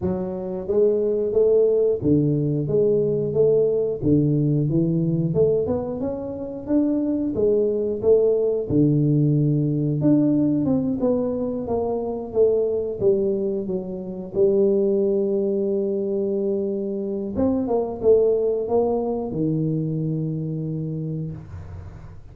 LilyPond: \new Staff \with { instrumentName = "tuba" } { \time 4/4 \tempo 4 = 90 fis4 gis4 a4 d4 | gis4 a4 d4 e4 | a8 b8 cis'4 d'4 gis4 | a4 d2 d'4 |
c'8 b4 ais4 a4 g8~ | g8 fis4 g2~ g8~ | g2 c'8 ais8 a4 | ais4 dis2. | }